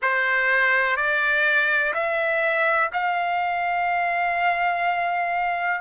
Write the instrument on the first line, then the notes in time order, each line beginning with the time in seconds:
trumpet
0.01 C5
0.96 D5
1.93 E5
2.93 F5